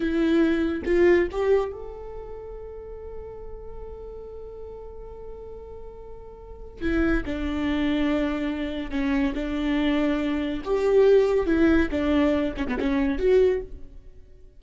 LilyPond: \new Staff \with { instrumentName = "viola" } { \time 4/4 \tempo 4 = 141 e'2 f'4 g'4 | a'1~ | a'1~ | a'1 |
e'4 d'2.~ | d'4 cis'4 d'2~ | d'4 g'2 e'4 | d'4. cis'16 b16 cis'4 fis'4 | }